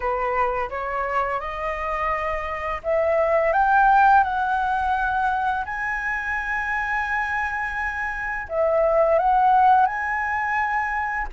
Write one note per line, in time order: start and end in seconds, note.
0.00 0.69 B4
0.69 1.40 C#5
1.40 2.81 D#5
2.83 3.53 E5
3.53 4.23 G5
4.24 5.65 F#5
5.65 8.47 G#5
8.48 9.18 E5
9.18 9.86 F#5
9.86 11.27 G#5